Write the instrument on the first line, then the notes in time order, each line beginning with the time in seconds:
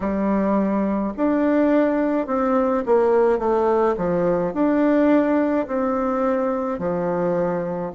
bassoon
0.00 G3
1.16 D4
2.26 C4
2.86 A#3
3.38 A3
3.97 F3
4.53 D4
5.67 C4
6.79 F3